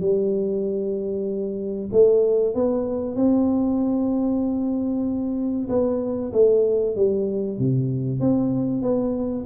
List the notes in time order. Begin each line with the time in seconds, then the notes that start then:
0.00 G3
1.92 A3
2.54 B3
3.16 C4
5.69 B3
6.32 A3
6.96 G3
7.58 C3
8.20 C4
8.82 B3